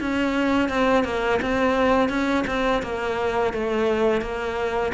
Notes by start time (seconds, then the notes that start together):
0.00 C#4
0.69 C4
1.04 A#3
1.41 C4
2.09 C#4
2.47 C4
2.83 A#3
3.53 A3
4.21 A#3